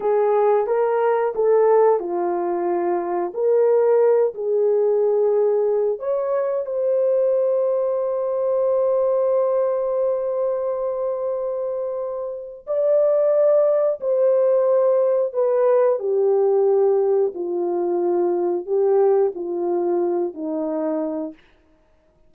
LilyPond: \new Staff \with { instrumentName = "horn" } { \time 4/4 \tempo 4 = 90 gis'4 ais'4 a'4 f'4~ | f'4 ais'4. gis'4.~ | gis'4 cis''4 c''2~ | c''1~ |
c''2. d''4~ | d''4 c''2 b'4 | g'2 f'2 | g'4 f'4. dis'4. | }